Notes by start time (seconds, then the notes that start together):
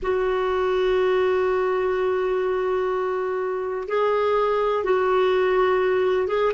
0.02 F#4
3.88 G#4
4.83 F#4
6.27 G#4